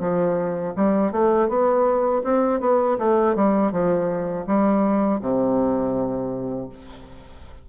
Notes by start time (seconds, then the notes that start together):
0.00 F3
0.76 G3
1.12 A3
1.49 B3
2.24 C4
2.61 B3
2.99 A3
3.35 G3
3.72 F3
4.47 G3
5.21 C3